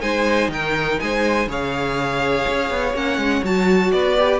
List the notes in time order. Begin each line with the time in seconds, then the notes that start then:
0.00 G#3 D#4 C5 G#5
0.49 D#3 A#4 G5
1.00 G#3 C5 G#5
1.47 C#3 G#4 C#5 F5
2.48 C#4
2.70 B3
2.94 A#3 C#4 F#5
3.17 G#3
3.43 F#3 F#4 A5
3.92 B3 B4 D5
4.18 G4